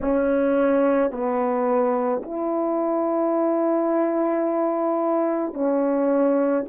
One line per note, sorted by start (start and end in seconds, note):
0.01 1.11 C#4
1.11 2.22 B3
2.22 5.53 E4
5.53 6.64 C#4